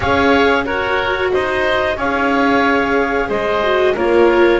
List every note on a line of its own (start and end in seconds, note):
0.00 0.65 C#4
0.00 0.64 G#4
0.00 0.65 C#5
0.00 0.65 F5
0.64 1.96 F#4
0.64 1.31 F#4
0.64 1.32 A#4
0.64 1.31 C#5
1.33 1.96 D#4
1.33 1.97 C5
1.33 1.98 D#5
1.96 3.28 C#4
1.96 3.62 G#4
1.96 3.28 C#5
1.96 3.29 F5
3.28 3.95 G#3
3.28 3.94 C5
3.28 3.95 D#5
3.62 3.95 F#4
3.94 4.60 A#3
3.94 4.60 F4
3.94 4.60 A#4
3.94 4.60 C#5